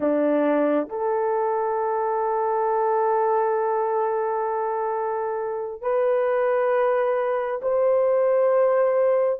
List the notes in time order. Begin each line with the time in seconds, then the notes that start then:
0.00 D4
0.89 A4
5.81 B4
7.62 C5